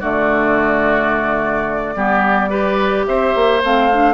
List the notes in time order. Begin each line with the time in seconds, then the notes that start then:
0.00 D3 A3 F#4 D5
1.96 G3 B3 G4
2.50 G4 B4
3.06 C4 C5 E5
3.35 A#3
3.64 A3 C4 F5
3.93 D4